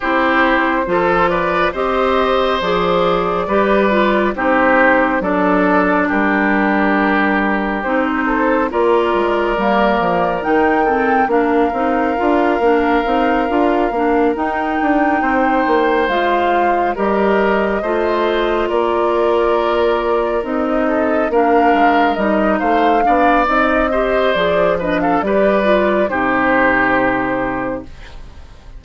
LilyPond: <<
  \new Staff \with { instrumentName = "flute" } { \time 4/4 \tempo 4 = 69 c''4. d''8 dis''4 d''4~ | d''4 c''4 d''4 ais'4~ | ais'4 c''4 d''2 | g''4 f''2.~ |
f''8 g''2 f''4 dis''8~ | dis''4. d''2 dis''8~ | dis''8 f''4 dis''8 f''4 dis''4 | d''8 dis''16 f''16 d''4 c''2 | }
  \new Staff \with { instrumentName = "oboe" } { \time 4/4 g'4 a'8 b'8 c''2 | b'4 g'4 a'4 g'4~ | g'4. a'8 ais'2~ | ais'8 a'8 ais'2.~ |
ais'4. c''2 ais'8~ | ais'8 c''4 ais'2~ ais'8 | a'8 ais'4. c''8 d''4 c''8~ | c''8 b'16 a'16 b'4 g'2 | }
  \new Staff \with { instrumentName = "clarinet" } { \time 4/4 e'4 f'4 g'4 gis'4 | g'8 f'8 dis'4 d'2~ | d'4 dis'4 f'4 ais4 | dis'8 c'8 d'8 dis'8 f'8 d'8 dis'8 f'8 |
d'8 dis'2 f'4 g'8~ | g'8 f'2. dis'8~ | dis'8 d'4 dis'4 d'8 dis'8 g'8 | gis'8 d'8 g'8 f'8 dis'2 | }
  \new Staff \with { instrumentName = "bassoon" } { \time 4/4 c'4 f4 c'4 f4 | g4 c'4 fis4 g4~ | g4 c'4 ais8 gis8 g8 f8 | dis4 ais8 c'8 d'8 ais8 c'8 d'8 |
ais8 dis'8 d'8 c'8 ais8 gis4 g8~ | g8 a4 ais2 c'8~ | c'8 ais8 gis8 g8 a8 b8 c'4 | f4 g4 c2 | }
>>